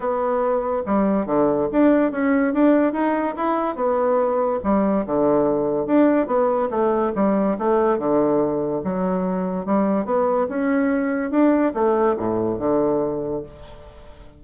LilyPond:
\new Staff \with { instrumentName = "bassoon" } { \time 4/4 \tempo 4 = 143 b2 g4 d4 | d'4 cis'4 d'4 dis'4 | e'4 b2 g4 | d2 d'4 b4 |
a4 g4 a4 d4~ | d4 fis2 g4 | b4 cis'2 d'4 | a4 a,4 d2 | }